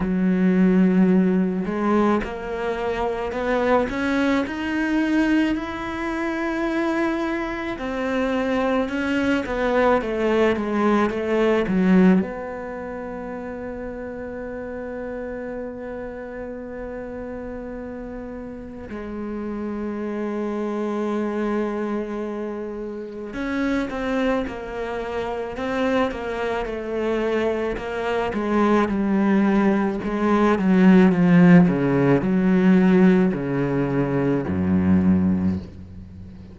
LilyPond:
\new Staff \with { instrumentName = "cello" } { \time 4/4 \tempo 4 = 54 fis4. gis8 ais4 b8 cis'8 | dis'4 e'2 c'4 | cis'8 b8 a8 gis8 a8 fis8 b4~ | b1~ |
b4 gis2.~ | gis4 cis'8 c'8 ais4 c'8 ais8 | a4 ais8 gis8 g4 gis8 fis8 | f8 cis8 fis4 cis4 fis,4 | }